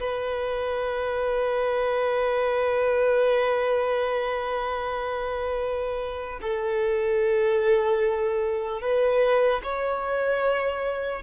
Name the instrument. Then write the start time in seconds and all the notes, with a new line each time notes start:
violin
0.00 B4
6.42 A4
8.82 B4
9.64 C#5